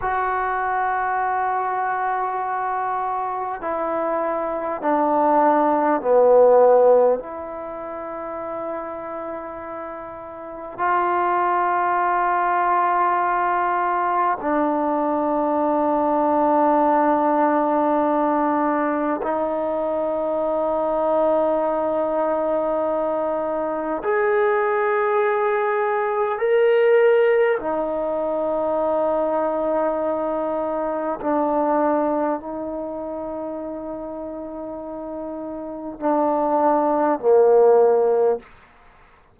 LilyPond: \new Staff \with { instrumentName = "trombone" } { \time 4/4 \tempo 4 = 50 fis'2. e'4 | d'4 b4 e'2~ | e'4 f'2. | d'1 |
dis'1 | gis'2 ais'4 dis'4~ | dis'2 d'4 dis'4~ | dis'2 d'4 ais4 | }